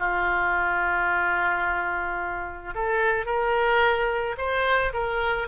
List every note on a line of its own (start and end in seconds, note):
0.00 2.75 F4
2.75 3.26 A4
3.26 4.36 A#4
4.38 4.93 C5
4.94 5.48 A#4